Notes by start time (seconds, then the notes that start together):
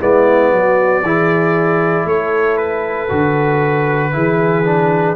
0.00 G#3 B3 E4 D5
0.52 F#3 F#4
1.02 E3 E4 G#4
2.05 A3 A4 C#5
2.57 B4
3.09 D3 F#4
4.12 E3 E4 G#4
4.64 D4